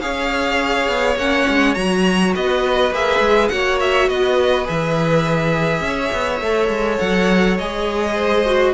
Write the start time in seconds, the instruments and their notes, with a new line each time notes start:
0.00 cello C#4, viola G#4, violin C#5 F5
0.87 cello B3
1.15 cello A#3, viola C#4, violin F#5
1.49 cello G#3
1.74 cello F#3, viola F#4, violin A#5
2.34 cello B3, violin B4 D#5
2.91 cello A#3, viola G#4, violin E5
3.20 cello G#3
3.48 cello A#3, viola F#4, violin C#5 F#5
3.80 violin E5
4.08 cello B3, violin B4 D#5
4.64 cello E3, viola G#4, violin E5
5.80 cello C#4
5.87 violin C#5
6.12 cello B3
6.40 cello A3, viola A4
6.68 cello G#3
6.99 cello F#3, violin F#5
7.58 cello G#3, viola G#4, violin D#5
8.15 violin C5
8.46 viola F#4